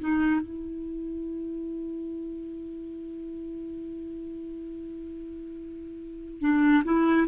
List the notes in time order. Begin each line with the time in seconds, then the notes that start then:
0.00 D#4
0.41 E4
6.41 D4
6.85 E4